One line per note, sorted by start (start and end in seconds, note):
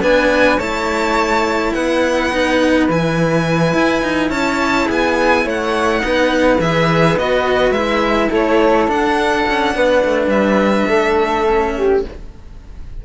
0.00 0.57 B3
0.00 0.59 D4
0.00 0.58 B4
0.00 0.59 G#5
0.57 1.72 A3
0.57 2.31 E4
0.57 1.73 C#5
0.57 1.73 A5
1.73 2.88 B3
1.73 4.30 B4
1.73 2.87 F#5
2.32 2.89 D#4
2.88 3.73 E3
2.88 6.00 E4
2.88 4.30 G#5
3.73 4.02 E4
4.02 4.30 D#4
4.30 4.87 C#4
4.30 4.86 C#5
4.30 4.87 A5
4.86 5.45 B3
4.86 5.43 G#4
4.86 5.48 G#5
5.44 6.02 A3
5.44 6.02 C#5
5.44 6.60 F#5
6.00 6.59 B3
6.00 6.57 D#4
6.00 8.31 B4
6.59 7.16 E3
6.59 7.18 G#4
6.59 7.17 E5
7.17 7.71 B3
7.17 7.75 F#4
7.17 7.72 D#5
7.71 8.28 G#3
7.71 8.89 E4
7.71 8.29 E5
8.31 8.87 A3
8.31 9.74 A4
8.31 8.90 C#5
8.87 9.44 D4
8.87 11.46 D4
8.87 10.29 F#5
9.49 9.75 C#4
9.75 10.04 B3
9.75 10.87 B4
10.04 10.27 A3
10.27 10.84 G3
10.27 12.01 E5
10.87 12.05 A3
10.87 11.73 A4
11.47 12.04 C#4
11.76 12.05 G4